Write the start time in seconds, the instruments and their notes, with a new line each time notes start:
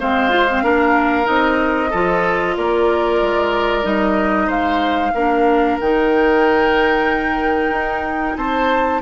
0.00 bassoon G#3, clarinet C4, oboe C5, flute F5
0.30 clarinet F4
0.49 clarinet C4
0.63 bassoon A#3, clarinet D4, oboe A#4
1.24 bassoon C4, clarinet D#4, flute D#5
1.90 bassoon F3, clarinet F4, oboe A4
2.57 bassoon A#3, oboe A#4, flute D5
3.22 bassoon G#3
3.83 bassoon G3, clarinet D#4, flute D#5
4.47 bassoon G#3, oboe C5, flute F5
5.14 bassoon A#3, clarinet D4, oboe A#4
5.80 bassoon D#3, clarinet D#4, flute G5
7.70 bassoon D#4
8.37 bassoon C4, oboe C5, flute A5